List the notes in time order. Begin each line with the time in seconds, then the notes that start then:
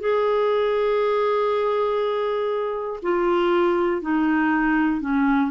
0.00 G#4
3.02 F4
4.02 D#4
5.00 C#4